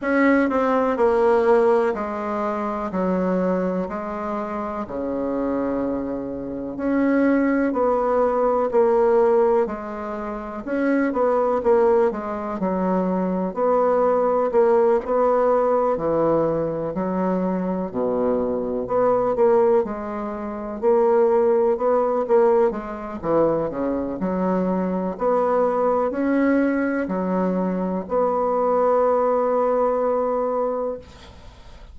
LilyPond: \new Staff \with { instrumentName = "bassoon" } { \time 4/4 \tempo 4 = 62 cis'8 c'8 ais4 gis4 fis4 | gis4 cis2 cis'4 | b4 ais4 gis4 cis'8 b8 | ais8 gis8 fis4 b4 ais8 b8~ |
b8 e4 fis4 b,4 b8 | ais8 gis4 ais4 b8 ais8 gis8 | e8 cis8 fis4 b4 cis'4 | fis4 b2. | }